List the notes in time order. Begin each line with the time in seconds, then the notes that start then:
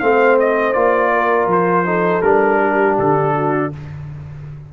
0.00 A3 C4 C5 F5
0.40 D#5
0.73 A#3 F4 D5
1.13 A#4
1.46 F3 C5
1.86 D#4 A4
2.22 G3 D4 A#4
2.61 G4
2.99 D3 A4
3.35 F#4